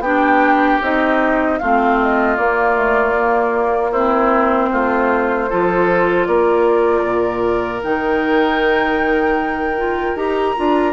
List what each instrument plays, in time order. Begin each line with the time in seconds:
0.00 bassoon B3, clarinet D4, oboe G4, flute G5
0.82 bassoon C4, clarinet D#4, flute D#5
1.59 bassoon A3, clarinet C4, oboe F4, flute F5
2.02 flute D#5
2.37 clarinet A#3, bassoon A#3, flute D5
2.75 clarinet A3
3.18 clarinet A#3
3.92 clarinet C4, oboe E4, flute C5
4.72 bassoon A3, oboe F4
5.50 bassoon F3, clarinet F4, oboe A4
6.26 bassoon A#3, oboe A#4, flute D5
7.04 bassoon A#2
7.84 bassoon D#3, clarinet D#4, flute G5
9.78 clarinet F4
10.16 bassoon D#4, clarinet G4, flute A#5
10.57 bassoon D4, clarinet F4